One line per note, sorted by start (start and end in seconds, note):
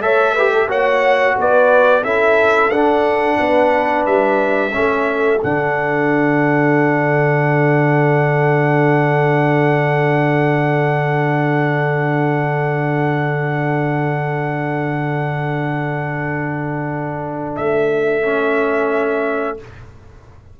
0.00 0.67 A3
0.00 0.35 A4
0.00 0.34 C#5
0.00 0.69 E5
0.34 0.68 G4
0.34 0.50 B4
0.53 0.68 A4
0.68 1.35 A#3
0.68 2.03 F#4
0.68 1.36 C#5
0.68 1.37 F#5
1.37 2.03 B3
1.37 2.03 B4
1.37 2.04 D5
2.03 2.69 C#4
2.03 2.71 E4
2.03 3.38 A4
2.03 2.70 E5
2.69 3.37 D4
2.69 4.71 D4
2.69 4.05 F#5
3.39 4.06 B3
3.39 4.75 B4
4.05 4.73 G3
4.05 5.40 E5
4.71 5.43 A3
4.71 5.38 C#4
4.77 19.60 A4
5.41 17.57 D3
5.41 18.22 D4
5.41 17.55 F#5
17.56 19.60 A3
17.56 19.58 E5
18.22 19.57 C#4